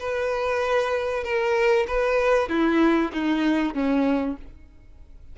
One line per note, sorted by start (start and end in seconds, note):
0.00 1.24 B4
1.24 1.87 A#4
1.88 2.49 B4
2.49 3.12 E4
3.13 3.74 D#4
3.74 4.37 C#4